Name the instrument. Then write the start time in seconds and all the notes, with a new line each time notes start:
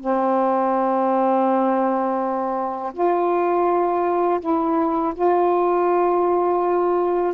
saxophone
0.00 C4
2.93 F4
4.40 E4
5.15 F4